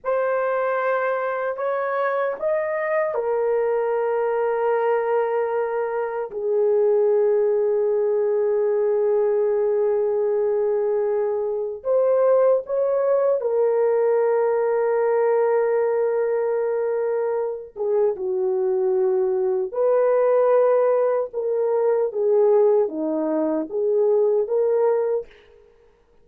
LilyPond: \new Staff \with { instrumentName = "horn" } { \time 4/4 \tempo 4 = 76 c''2 cis''4 dis''4 | ais'1 | gis'1~ | gis'2. c''4 |
cis''4 ais'2.~ | ais'2~ ais'8 gis'8 fis'4~ | fis'4 b'2 ais'4 | gis'4 dis'4 gis'4 ais'4 | }